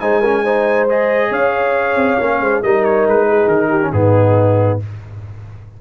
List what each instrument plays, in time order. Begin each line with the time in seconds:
0.00 tuba G#3, trombone D#4, horn C5, trumpet G#5
0.21 trombone C#4, horn A#4
0.44 trombone D#4, horn C5
0.89 trombone G#4, trumpet D#5
1.30 tuba C#4, horn C#5, trumpet F5
1.95 tuba C4
2.19 tuba A#3, trombone C#4
2.40 tuba G#3, horn C5
2.63 tuba G3, trombone D#4, horn A#4, trumpet D#5
2.84 trumpet C#5
3.06 tuba G#3, trumpet B4
3.29 horn G#4
3.47 tuba D#3, trumpet A#4
3.69 horn G4
3.82 trombone C#4
3.92 tuba G#2, trombone B3, horn D#4, trumpet G#4